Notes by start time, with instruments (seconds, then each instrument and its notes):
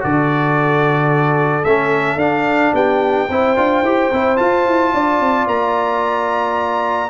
0.00 tuba D3, trombone F#4, horn A4, trumpet D5
1.64 tuba A3, trombone C#4, trumpet E5
2.16 tuba D4, trombone D4, trumpet F5
2.73 tuba B3, horn G4, trumpet G5
3.29 tuba C4, trombone E4, horn C5
3.56 tuba D4, trombone F4
3.82 tuba E4, trombone G4
4.12 tuba C4, trombone E4
4.36 trombone F4, tuba F4, trumpet A5
4.66 tuba E4
4.93 tuba D4, horn D5
5.20 tuba C4
5.47 tuba A#3, trumpet A#5